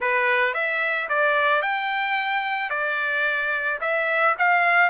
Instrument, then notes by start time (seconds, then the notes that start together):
trumpet
0.00 B4
0.54 E5
1.08 D5
1.62 G5
2.70 D5
3.80 E5
4.38 F5